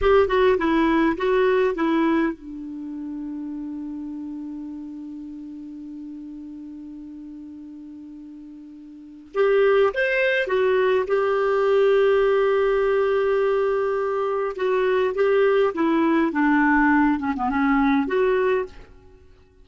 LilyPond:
\new Staff \with { instrumentName = "clarinet" } { \time 4/4 \tempo 4 = 103 g'8 fis'8 e'4 fis'4 e'4 | d'1~ | d'1~ | d'1 |
g'4 c''4 fis'4 g'4~ | g'1~ | g'4 fis'4 g'4 e'4 | d'4. cis'16 b16 cis'4 fis'4 | }